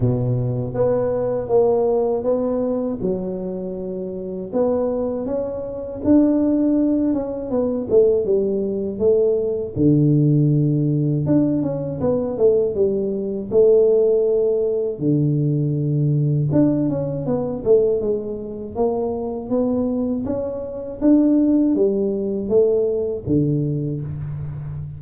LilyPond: \new Staff \with { instrumentName = "tuba" } { \time 4/4 \tempo 4 = 80 b,4 b4 ais4 b4 | fis2 b4 cis'4 | d'4. cis'8 b8 a8 g4 | a4 d2 d'8 cis'8 |
b8 a8 g4 a2 | d2 d'8 cis'8 b8 a8 | gis4 ais4 b4 cis'4 | d'4 g4 a4 d4 | }